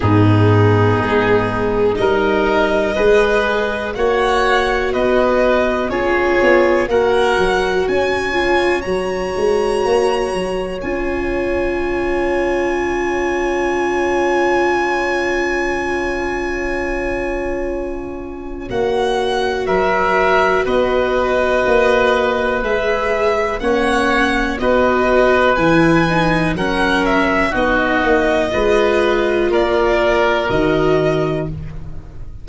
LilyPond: <<
  \new Staff \with { instrumentName = "violin" } { \time 4/4 \tempo 4 = 61 gis'2 dis''2 | fis''4 dis''4 cis''4 fis''4 | gis''4 ais''2 gis''4~ | gis''1~ |
gis''2. fis''4 | e''4 dis''2 e''4 | fis''4 dis''4 gis''4 fis''8 e''8 | dis''2 d''4 dis''4 | }
  \new Staff \with { instrumentName = "oboe" } { \time 4/4 dis'2 ais'4 b'4 | cis''4 b'4 gis'4 ais'4 | cis''1~ | cis''1~ |
cis''1 | ais'4 b'2. | cis''4 b'2 ais'4 | fis'4 b'4 ais'2 | }
  \new Staff \with { instrumentName = "viola" } { \time 4/4 b2 dis'4 gis'4 | fis'2 f'4 fis'4~ | fis'8 f'8 fis'2 f'4~ | f'1~ |
f'2. fis'4~ | fis'2. gis'4 | cis'4 fis'4 e'8 dis'8 cis'4 | dis'4 f'2 fis'4 | }
  \new Staff \with { instrumentName = "tuba" } { \time 4/4 gis,4 gis4 g4 gis4 | ais4 b4 cis'8 b8 ais8 fis8 | cis'4 fis8 gis8 ais8 fis8 cis'4~ | cis'1~ |
cis'2. ais4 | fis4 b4 ais4 gis4 | ais4 b4 e4 fis4 | b8 ais8 gis4 ais4 dis4 | }
>>